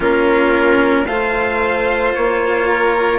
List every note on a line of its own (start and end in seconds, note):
0.00 1.06 A#3
0.00 1.04 C#4
0.00 1.05 F4
0.00 1.06 A#4
1.06 2.13 A3
1.06 3.19 F4
1.06 2.68 C5
1.06 2.13 F5
2.14 3.19 A#3
2.14 3.19 C#5
2.68 3.19 A#4